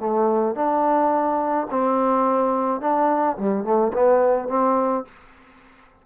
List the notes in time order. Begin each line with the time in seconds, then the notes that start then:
0.00 A3
0.55 D4
1.71 C4
2.81 D4
3.37 G3
3.64 A3
3.94 B3
4.49 C4